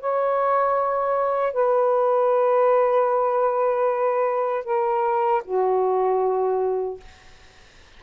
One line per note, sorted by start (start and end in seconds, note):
0.00 1.53 C#5
1.53 4.65 B4
4.65 5.43 A#4
5.44 7.00 F#4